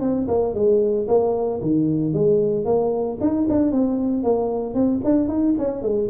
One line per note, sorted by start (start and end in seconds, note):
0.00 0.27 C4
0.28 0.54 A#3
0.54 1.07 G#3
1.07 1.60 A#3
1.61 2.13 D#3
2.13 2.65 G#3
2.65 3.18 A#3
3.20 3.47 D#4
3.49 3.71 D4
3.71 4.23 C4
4.23 4.74 A#3
4.74 5.00 C4
5.04 5.28 D4
5.28 5.54 D#4
5.58 5.82 C#4
5.82 6.08 G#3